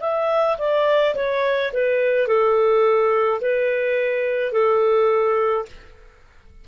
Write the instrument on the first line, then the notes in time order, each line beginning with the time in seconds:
clarinet
0.00 E5
0.58 D5
1.15 C#5
1.73 B4
2.27 A4
3.41 B4
4.52 A4